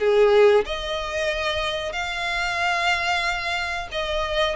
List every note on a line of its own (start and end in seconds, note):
0.00 0.65 G#4
0.66 1.93 D#5
1.93 3.88 F5
3.92 4.56 D#5